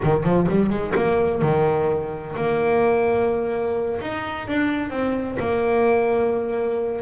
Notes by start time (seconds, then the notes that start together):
0.03 D#3
0.23 F3
0.49 G3
0.69 G#3
0.95 A#3
1.41 D#3
2.36 A#3
4.00 D#4
4.47 D4
4.90 C4
5.39 A#3